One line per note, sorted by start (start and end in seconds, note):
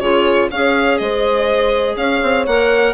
0.00 0.49 C#3
0.00 0.51 F4
0.00 0.50 G#4
0.00 0.49 C#5
0.51 1.00 C#4
0.51 2.48 G#4
0.51 0.99 C#5
0.51 0.98 F5
0.98 1.96 G#3
0.98 1.97 C5
0.98 1.96 D#5
1.96 2.21 C#4
1.96 2.94 C#5
1.96 2.46 F5
2.23 2.47 C4
2.47 2.94 A#3
2.47 2.94 A#4
2.47 2.94 F#5